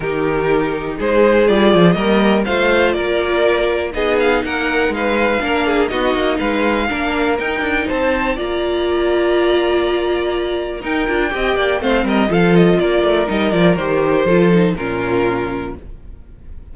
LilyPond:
<<
  \new Staff \with { instrumentName = "violin" } { \time 4/4 \tempo 4 = 122 ais'2 c''4 d''4 | dis''4 f''4 d''2 | dis''8 f''8 fis''4 f''2 | dis''4 f''2 g''4 |
a''4 ais''2.~ | ais''2 g''2 | f''8 dis''8 f''8 dis''8 d''4 dis''8 d''8 | c''2 ais'2 | }
  \new Staff \with { instrumentName = "violin" } { \time 4/4 g'2 gis'2 | ais'4 c''4 ais'2 | gis'4 ais'4 b'4 ais'8 gis'8 | fis'4 b'4 ais'2 |
c''4 d''2.~ | d''2 ais'4 dis''8 d''8 | c''8 ais'8 a'4 ais'2~ | ais'4 a'4 f'2 | }
  \new Staff \with { instrumentName = "viola" } { \time 4/4 dis'2. f'4 | ais4 f'2. | dis'2. d'4 | dis'2 d'4 dis'4~ |
dis'4 f'2.~ | f'2 dis'8 f'8 g'4 | c'4 f'2 dis'8 f'8 | g'4 f'8 dis'8 cis'2 | }
  \new Staff \with { instrumentName = "cello" } { \time 4/4 dis2 gis4 g8 f8 | g4 a4 ais2 | b4 ais4 gis4 ais4 | b8 ais8 gis4 ais4 dis'8 d'8 |
c'4 ais2.~ | ais2 dis'8 d'8 c'8 ais8 | a8 g8 f4 ais8 a8 g8 f8 | dis4 f4 ais,2 | }
>>